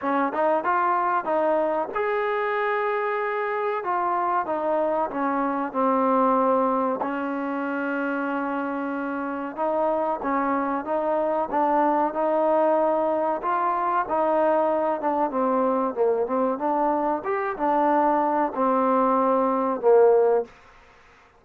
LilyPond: \new Staff \with { instrumentName = "trombone" } { \time 4/4 \tempo 4 = 94 cis'8 dis'8 f'4 dis'4 gis'4~ | gis'2 f'4 dis'4 | cis'4 c'2 cis'4~ | cis'2. dis'4 |
cis'4 dis'4 d'4 dis'4~ | dis'4 f'4 dis'4. d'8 | c'4 ais8 c'8 d'4 g'8 d'8~ | d'4 c'2 ais4 | }